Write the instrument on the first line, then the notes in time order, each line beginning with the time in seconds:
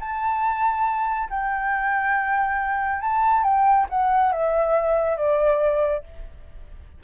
flute
0.00 A5
1.30 G5
3.01 A5
3.44 G5
3.89 F#5
4.33 E5
5.17 D5